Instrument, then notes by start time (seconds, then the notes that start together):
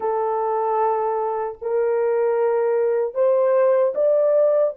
horn
0.00 A4
1.61 A#4
3.14 C5
3.94 D5